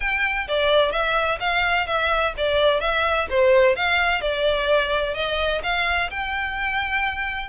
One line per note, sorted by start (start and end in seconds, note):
0.00 0.47 G5
0.48 0.91 D5
0.91 1.38 E5
1.40 1.86 F5
1.86 2.33 E5
2.37 2.80 D5
2.80 3.27 E5
3.30 3.75 C5
3.75 4.21 F5
4.21 5.14 D5
5.14 5.61 D#5
5.63 6.10 F5
6.10 7.48 G5